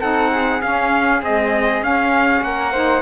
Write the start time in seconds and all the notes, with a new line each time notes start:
0.00 C4 D#4 A4 F#5
0.31 G#4
0.61 C#4 F5
1.22 G#3 C4 D#5
1.82 C#4 F5
2.41 A#3 A#4 F#5
2.72 D#4 C5